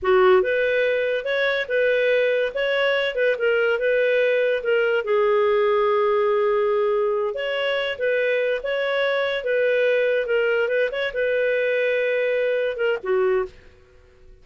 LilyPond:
\new Staff \with { instrumentName = "clarinet" } { \time 4/4 \tempo 4 = 143 fis'4 b'2 cis''4 | b'2 cis''4. b'8 | ais'4 b'2 ais'4 | gis'1~ |
gis'4. cis''4. b'4~ | b'8 cis''2 b'4.~ | b'8 ais'4 b'8 cis''8 b'4.~ | b'2~ b'8 ais'8 fis'4 | }